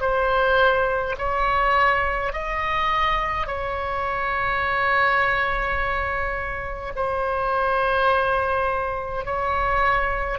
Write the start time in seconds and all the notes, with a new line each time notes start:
0.00 C5
1.18 C#5
2.32 D#5
3.47 C#5
6.95 C5
9.25 C#5